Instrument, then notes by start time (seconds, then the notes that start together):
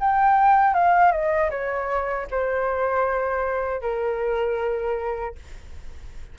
flute
0.00 G5
0.74 F5
1.12 D#5
1.50 C#5
2.31 C5
3.81 A#4